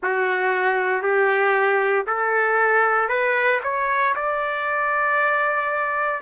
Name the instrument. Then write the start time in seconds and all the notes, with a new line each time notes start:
trumpet
0.02 F#4
1.02 G4
2.06 A4
3.08 B4
3.63 C#5
4.15 D5